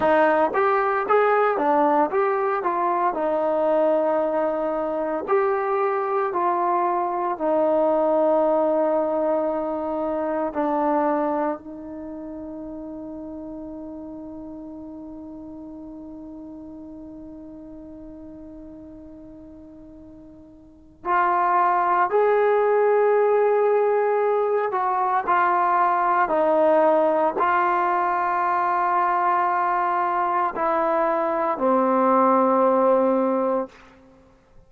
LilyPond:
\new Staff \with { instrumentName = "trombone" } { \time 4/4 \tempo 4 = 57 dis'8 g'8 gis'8 d'8 g'8 f'8 dis'4~ | dis'4 g'4 f'4 dis'4~ | dis'2 d'4 dis'4~ | dis'1~ |
dis'1 | f'4 gis'2~ gis'8 fis'8 | f'4 dis'4 f'2~ | f'4 e'4 c'2 | }